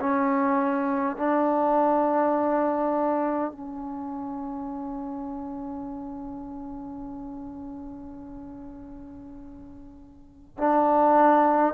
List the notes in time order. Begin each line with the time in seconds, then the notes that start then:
0.00 C#4
1.17 D4
3.52 C#4
10.58 D4